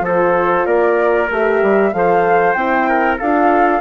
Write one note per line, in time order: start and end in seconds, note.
0.00 0.63 F3
0.00 1.28 F4
0.00 0.66 A4
0.07 0.66 C5
0.66 1.29 A#3
0.66 1.92 A#4
0.66 1.29 D5
1.30 1.62 A3
1.30 1.93 G4
1.30 1.93 E5
1.62 1.93 G3
1.93 2.55 F3
1.93 2.56 A4
1.93 2.89 C5
1.93 2.52 F5
2.52 3.18 C4
2.52 3.19 E4
2.52 3.16 G5
2.89 3.18 A#4
3.18 3.81 D4
3.18 3.81 F4
3.18 3.81 A4
3.18 3.81 F5